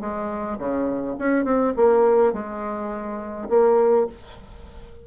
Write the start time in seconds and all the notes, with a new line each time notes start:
0.00 G#3
0.58 C#3
1.19 C#4
1.44 C4
1.76 A#3
2.33 G#3
3.49 A#3